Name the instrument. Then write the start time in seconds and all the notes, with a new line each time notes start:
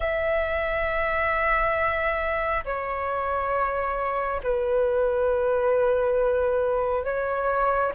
flute
0.00 E5
2.65 C#5
4.43 B4
7.04 C#5